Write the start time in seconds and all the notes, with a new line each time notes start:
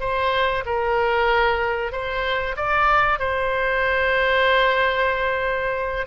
0.00 C5
0.65 A#4
1.92 C5
2.56 D5
3.19 C5